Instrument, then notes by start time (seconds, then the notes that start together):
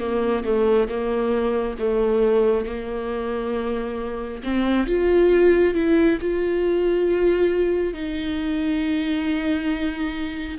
viola
0.00 A#3
0.45 A3
0.89 A#3
1.79 A3
2.66 A#3
4.44 C4
4.87 F4
5.74 E4
6.21 F4
7.94 D#4